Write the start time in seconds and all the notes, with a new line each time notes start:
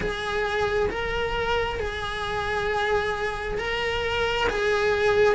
0.00 G#4
0.90 A#4
1.79 G#4
3.57 A#4
4.49 G#4